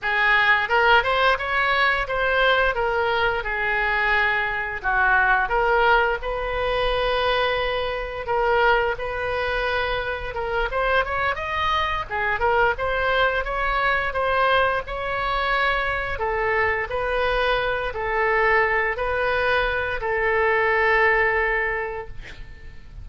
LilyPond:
\new Staff \with { instrumentName = "oboe" } { \time 4/4 \tempo 4 = 87 gis'4 ais'8 c''8 cis''4 c''4 | ais'4 gis'2 fis'4 | ais'4 b'2. | ais'4 b'2 ais'8 c''8 |
cis''8 dis''4 gis'8 ais'8 c''4 cis''8~ | cis''8 c''4 cis''2 a'8~ | a'8 b'4. a'4. b'8~ | b'4 a'2. | }